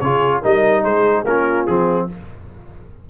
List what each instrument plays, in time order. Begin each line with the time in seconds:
0.00 tuba C#3, trombone F4, horn G#4, trumpet C#5
0.42 tuba G3, trombone D#4, horn A#4, trumpet D#5
0.84 tuba G#3, horn G#4, trumpet C5
1.24 tuba A#3, trombone C#4, horn F4, trumpet A#4
1.66 tuba F3, trombone C4, trumpet G#4